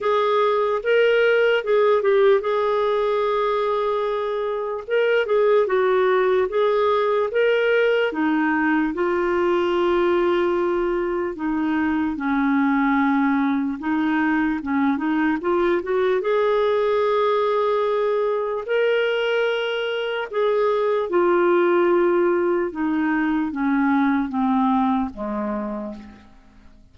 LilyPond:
\new Staff \with { instrumentName = "clarinet" } { \time 4/4 \tempo 4 = 74 gis'4 ais'4 gis'8 g'8 gis'4~ | gis'2 ais'8 gis'8 fis'4 | gis'4 ais'4 dis'4 f'4~ | f'2 dis'4 cis'4~ |
cis'4 dis'4 cis'8 dis'8 f'8 fis'8 | gis'2. ais'4~ | ais'4 gis'4 f'2 | dis'4 cis'4 c'4 gis4 | }